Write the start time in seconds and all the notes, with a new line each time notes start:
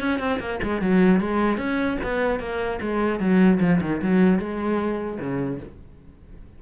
0.00 C#4
0.19 C4
0.39 A#3
0.62 G#3
0.81 F#3
1.20 G#3
1.57 C#4
2.02 B3
2.39 A#3
2.81 G#3
3.19 F#3
3.60 F3
3.81 D#3
4.02 F#3
4.39 G#3
5.19 C#3